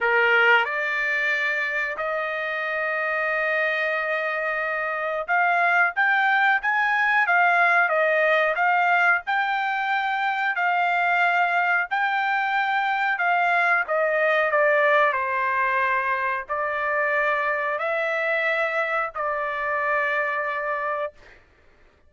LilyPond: \new Staff \with { instrumentName = "trumpet" } { \time 4/4 \tempo 4 = 91 ais'4 d''2 dis''4~ | dis''1 | f''4 g''4 gis''4 f''4 | dis''4 f''4 g''2 |
f''2 g''2 | f''4 dis''4 d''4 c''4~ | c''4 d''2 e''4~ | e''4 d''2. | }